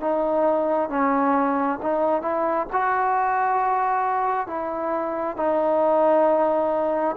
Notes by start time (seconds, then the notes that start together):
0.00 D#4
0.90 C#4
1.82 D#4
2.21 E4
2.72 F#4
4.47 E4
5.36 D#4